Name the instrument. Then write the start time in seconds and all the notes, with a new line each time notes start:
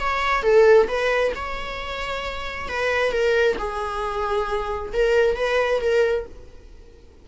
viola
0.00 C#5
0.43 A4
0.88 B4
1.36 C#5
2.69 B4
3.12 A#4
3.59 G#4
4.93 A#4
5.36 B4
5.81 A#4